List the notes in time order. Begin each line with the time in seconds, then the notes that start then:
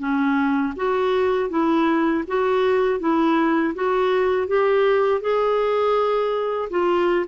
0.00 C#4
0.76 F#4
1.50 E4
2.28 F#4
3.00 E4
3.75 F#4
4.48 G4
5.22 G#4
6.71 F4